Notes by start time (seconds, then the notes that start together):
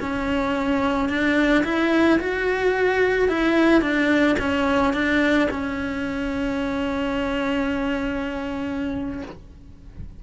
0.00 C#4
1.09 D4
1.64 E4
2.19 F#4
3.28 E4
3.81 D4
4.39 C#4
4.93 D4
5.50 C#4